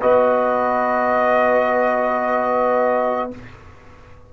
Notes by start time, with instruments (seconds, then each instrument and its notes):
0.00 tuba B3, trombone F#4, horn B4, trumpet D#5